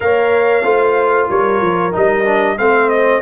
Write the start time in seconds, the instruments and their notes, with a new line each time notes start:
0.00 tuba A#3, trombone A#4, horn C#5, trumpet F5
0.63 tuba A3, trombone F4, horn C5
1.29 tuba G3, horn A#4, trumpet C#5
1.61 tuba F3
1.92 tuba G3, trombone D#4, trumpet D#5
2.25 trombone D4
2.58 tuba A3, trombone C4, horn C5, trumpet F5
2.89 trumpet D#5